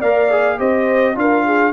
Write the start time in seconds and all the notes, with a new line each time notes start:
0.00 A#3 A#4 D5 F5
0.31 G#4
0.58 C4 G4 C5 D#5
1.15 D4 F4 A#4 F5
1.46 G#4